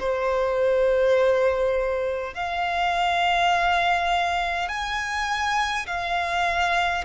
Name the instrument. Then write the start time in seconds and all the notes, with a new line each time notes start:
violin
0.00 C5
2.35 F5
4.69 G#5
5.87 F5